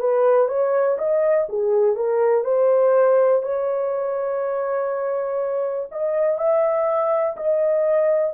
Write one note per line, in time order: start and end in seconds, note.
0.00 0.48 B4
0.48 0.97 C#5
0.99 1.48 D#5
1.49 1.96 G#4
1.96 2.45 A#4
2.45 3.43 C5
3.43 5.89 C#5
5.92 6.38 D#5
6.38 7.36 E5
7.37 8.34 D#5